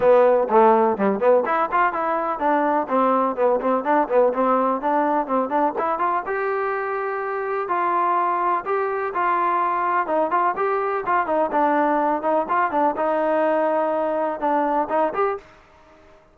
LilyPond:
\new Staff \with { instrumentName = "trombone" } { \time 4/4 \tempo 4 = 125 b4 a4 g8 b8 e'8 f'8 | e'4 d'4 c'4 b8 c'8 | d'8 b8 c'4 d'4 c'8 d'8 | e'8 f'8 g'2. |
f'2 g'4 f'4~ | f'4 dis'8 f'8 g'4 f'8 dis'8 | d'4. dis'8 f'8 d'8 dis'4~ | dis'2 d'4 dis'8 g'8 | }